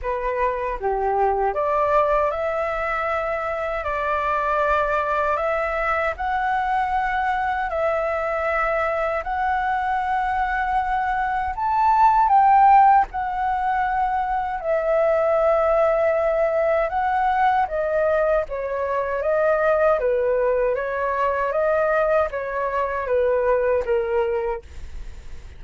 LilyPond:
\new Staff \with { instrumentName = "flute" } { \time 4/4 \tempo 4 = 78 b'4 g'4 d''4 e''4~ | e''4 d''2 e''4 | fis''2 e''2 | fis''2. a''4 |
g''4 fis''2 e''4~ | e''2 fis''4 dis''4 | cis''4 dis''4 b'4 cis''4 | dis''4 cis''4 b'4 ais'4 | }